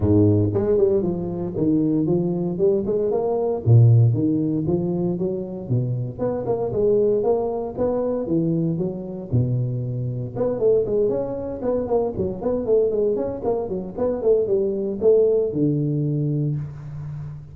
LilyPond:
\new Staff \with { instrumentName = "tuba" } { \time 4/4 \tempo 4 = 116 gis,4 gis8 g8 f4 dis4 | f4 g8 gis8 ais4 ais,4 | dis4 f4 fis4 b,4 | b8 ais8 gis4 ais4 b4 |
e4 fis4 b,2 | b8 a8 gis8 cis'4 b8 ais8 fis8 | b8 a8 gis8 cis'8 ais8 fis8 b8 a8 | g4 a4 d2 | }